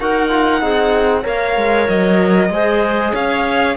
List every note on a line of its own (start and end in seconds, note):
0.00 0.62 D#4
0.00 0.30 F#4
0.00 0.62 A#4
0.00 1.26 F#5
0.30 0.60 F4
0.60 1.25 C4
0.60 1.23 D#4
0.60 1.22 G#4
1.22 1.57 A#3
1.22 2.49 A#4
1.22 2.48 C#5
1.22 1.88 F5
1.57 1.88 G#3
1.88 2.50 F#3
1.88 3.14 D#5
2.50 3.13 G#3
2.50 3.77 G#4
2.50 3.13 C5
3.13 3.77 C#4
3.13 3.76 C#5
3.13 3.77 F5